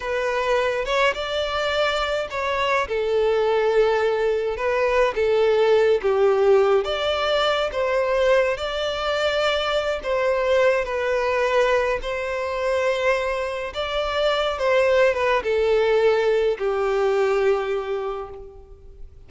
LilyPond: \new Staff \with { instrumentName = "violin" } { \time 4/4 \tempo 4 = 105 b'4. cis''8 d''2 | cis''4 a'2. | b'4 a'4. g'4. | d''4. c''4. d''4~ |
d''4. c''4. b'4~ | b'4 c''2. | d''4. c''4 b'8 a'4~ | a'4 g'2. | }